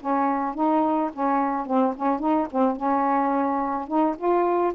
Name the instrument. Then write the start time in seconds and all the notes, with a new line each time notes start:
saxophone
0.00 C#4
0.54 D#4
1.13 C#4
1.66 C4
1.96 C#4
2.19 D#4
2.51 C4
2.76 C#4
3.87 D#4
4.17 F4